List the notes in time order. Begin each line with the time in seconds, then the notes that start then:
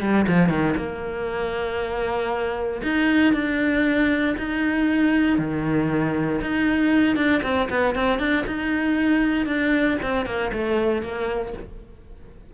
0.00 G3
0.28 F3
0.49 D#3
0.76 A#3
2.83 D#4
3.33 D4
4.38 D#4
5.38 D#3
6.41 D#4
7.16 D4
7.43 C4
7.70 B3
7.95 C4
8.19 D4
8.47 D#4
9.46 D4
10.02 C4
10.26 A#3
10.52 A3
11.02 A#3